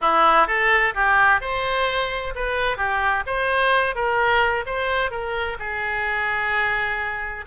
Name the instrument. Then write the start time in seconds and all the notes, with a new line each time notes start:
oboe
0.01 E4
0.47 A4
0.94 G4
1.40 C5
2.35 B4
2.77 G4
3.26 C5
3.95 A#4
4.66 C5
5.10 A#4
5.59 G#4